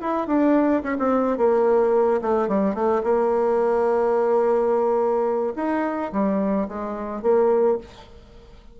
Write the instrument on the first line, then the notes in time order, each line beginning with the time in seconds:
bassoon
0.00 E4
0.27 D4
0.82 C#4
0.98 C4
1.37 A#3
2.21 A3
2.48 G3
2.74 A3
3.03 A#3
5.56 D#4
6.12 G3
6.68 G#3
7.22 A#3